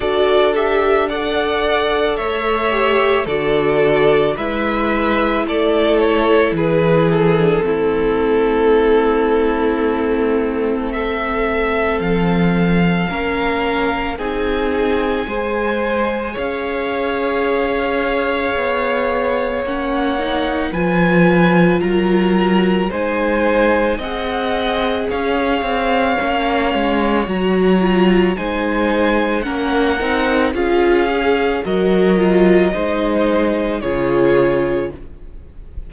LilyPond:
<<
  \new Staff \with { instrumentName = "violin" } { \time 4/4 \tempo 4 = 55 d''8 e''8 fis''4 e''4 d''4 | e''4 d''8 cis''8 b'8 a'4.~ | a'2 e''4 f''4~ | f''4 gis''2 f''4~ |
f''2 fis''4 gis''4 | ais''4 gis''4 fis''4 f''4~ | f''4 ais''4 gis''4 fis''4 | f''4 dis''2 cis''4 | }
  \new Staff \with { instrumentName = "violin" } { \time 4/4 a'4 d''4 cis''4 a'4 | b'4 a'4 gis'4 e'4~ | e'2 a'2 | ais'4 gis'4 c''4 cis''4~ |
cis''2. b'4 | ais'4 c''4 dis''4 cis''4~ | cis''2 c''4 ais'4 | gis'4 ais'4 c''4 gis'4 | }
  \new Staff \with { instrumentName = "viola" } { \time 4/4 fis'8 g'8 a'4. g'8 fis'4 | e'2~ e'8. d'16 c'4~ | c'1 | cis'4 dis'4 gis'2~ |
gis'2 cis'8 dis'8 f'4~ | f'4 dis'4 gis'2 | cis'4 fis'8 f'8 dis'4 cis'8 dis'8 | f'8 gis'8 fis'8 f'8 dis'4 f'4 | }
  \new Staff \with { instrumentName = "cello" } { \time 4/4 d'2 a4 d4 | gis4 a4 e4 a4~ | a2. f4 | ais4 c'4 gis4 cis'4~ |
cis'4 b4 ais4 f4 | fis4 gis4 c'4 cis'8 c'8 | ais8 gis8 fis4 gis4 ais8 c'8 | cis'4 fis4 gis4 cis4 | }
>>